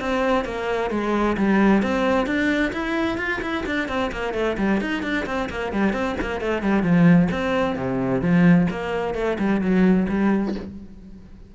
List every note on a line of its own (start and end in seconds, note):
0.00 0.45 C4
0.45 0.90 A#3
0.91 1.36 G#3
1.37 1.82 G3
1.82 2.26 C4
2.26 2.72 D4
2.73 3.18 E4
3.18 3.41 F4
3.42 3.65 E4
3.66 3.88 D4
3.88 4.11 C4
4.12 4.34 A#3
4.34 4.57 A3
4.58 4.81 G3
4.81 5.03 D#4
5.03 5.26 D4
5.26 5.49 C4
5.50 5.73 A#3
5.73 5.93 G3
5.93 6.16 C4
6.21 6.41 A#3
6.41 6.62 A3
6.62 6.83 G3
6.83 7.28 F3
7.31 7.76 C4
7.76 8.22 C3
8.22 8.67 F3
8.70 9.15 A#3
9.15 9.37 A3
9.39 9.61 G3
9.61 10.07 F#3
10.09 10.54 G3